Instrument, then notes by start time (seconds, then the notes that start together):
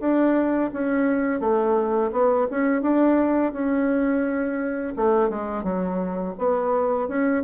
bassoon
0.00 D4
0.73 C#4
1.40 A3
2.12 B3
2.51 C#4
2.82 D4
3.52 C#4
4.96 A3
5.29 G#3
5.63 F#3
6.38 B3
7.08 C#4